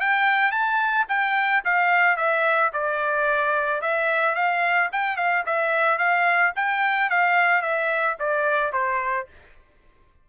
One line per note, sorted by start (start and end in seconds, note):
0.00 0.51 G5
0.51 1.06 A5
1.09 1.63 G5
1.65 2.17 F5
2.17 2.71 E5
2.73 3.81 D5
3.81 4.35 E5
4.35 4.89 F5
4.92 5.16 G5
5.16 5.44 F5
5.46 5.98 E5
5.98 6.53 F5
6.56 7.10 G5
7.10 7.62 F5
7.62 8.16 E5
8.19 8.72 D5
8.72 9.27 C5